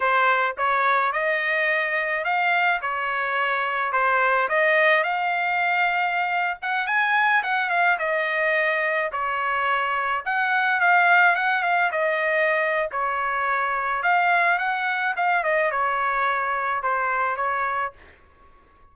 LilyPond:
\new Staff \with { instrumentName = "trumpet" } { \time 4/4 \tempo 4 = 107 c''4 cis''4 dis''2 | f''4 cis''2 c''4 | dis''4 f''2~ f''8. fis''16~ | fis''16 gis''4 fis''8 f''8 dis''4.~ dis''16~ |
dis''16 cis''2 fis''4 f''8.~ | f''16 fis''8 f''8 dis''4.~ dis''16 cis''4~ | cis''4 f''4 fis''4 f''8 dis''8 | cis''2 c''4 cis''4 | }